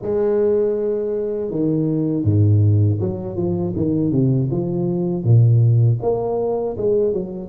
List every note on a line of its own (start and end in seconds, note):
0.02 1.50 G#3
1.50 2.24 D#3
2.24 2.99 G#2
3.00 3.36 F#3
3.36 3.73 F3
3.76 4.11 D#3
4.11 4.49 C3
4.50 5.24 F3
5.24 5.99 A#2
6.01 6.76 A#3
6.77 7.13 G#3
7.13 7.48 F#3